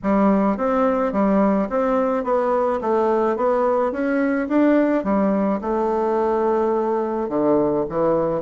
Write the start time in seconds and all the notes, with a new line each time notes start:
0.02 G3
0.57 C4
1.12 G3
1.69 C4
2.24 B3
2.81 A3
3.36 B3
3.92 C#4
4.48 D4
5.03 G3
5.61 A3
7.28 D3
7.89 E3